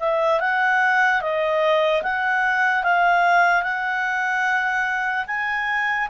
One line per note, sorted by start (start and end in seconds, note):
0.00 0.41 E5
0.41 1.22 F#5
1.22 2.03 D#5
2.03 2.84 F#5
2.84 3.63 F5
3.63 5.25 F#5
5.27 6.08 G#5